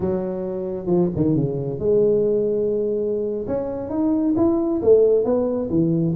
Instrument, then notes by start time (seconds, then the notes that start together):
tuba
0.00 F#3
0.86 F3
1.15 D#3
1.35 C#3
1.79 G#3
3.47 C#4
3.89 D#4
4.36 E4
4.82 A3
5.24 B3
5.69 E3